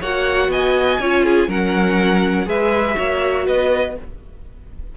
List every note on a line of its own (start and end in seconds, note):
0.00 0.48 A#3
0.00 1.01 F#4
0.00 0.49 C#5
0.00 0.51 F#5
0.48 0.97 B3
0.48 1.00 D#5
0.48 1.50 G#5
0.99 1.48 C#4
0.99 1.49 F4
0.99 1.24 C#5
1.24 1.48 G#4
1.48 2.46 F#3
1.48 2.46 C#4
1.48 2.47 A#4
1.48 2.49 F#5
2.46 2.95 G#3
2.46 2.94 G#4
2.46 2.97 B4
2.46 3.47 E5
2.94 3.47 A#3
2.94 3.92 F#4
2.94 3.46 C#5
3.46 3.97 B3
3.46 3.95 B4
3.46 3.96 D#5